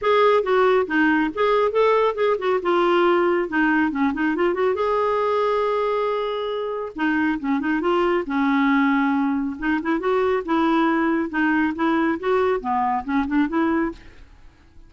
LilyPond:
\new Staff \with { instrumentName = "clarinet" } { \time 4/4 \tempo 4 = 138 gis'4 fis'4 dis'4 gis'4 | a'4 gis'8 fis'8 f'2 | dis'4 cis'8 dis'8 f'8 fis'8 gis'4~ | gis'1 |
dis'4 cis'8 dis'8 f'4 cis'4~ | cis'2 dis'8 e'8 fis'4 | e'2 dis'4 e'4 | fis'4 b4 cis'8 d'8 e'4 | }